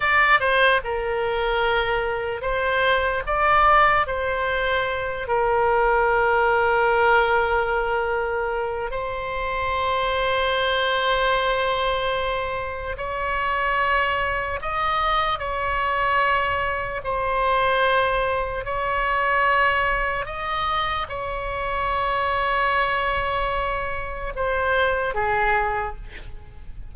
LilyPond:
\new Staff \with { instrumentName = "oboe" } { \time 4/4 \tempo 4 = 74 d''8 c''8 ais'2 c''4 | d''4 c''4. ais'4.~ | ais'2. c''4~ | c''1 |
cis''2 dis''4 cis''4~ | cis''4 c''2 cis''4~ | cis''4 dis''4 cis''2~ | cis''2 c''4 gis'4 | }